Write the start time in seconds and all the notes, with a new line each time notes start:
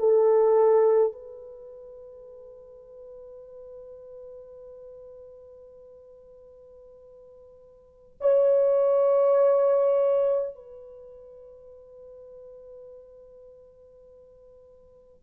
0.00 A4
1.13 B4
8.21 C#5
10.55 B4